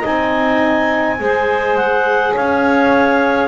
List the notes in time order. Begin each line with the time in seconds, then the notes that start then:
0.00 D#4 D#5 G#5
0.06 C4
1.20 G#3 G#4 C5
1.77 F#5
2.34 C#4 C#5 F5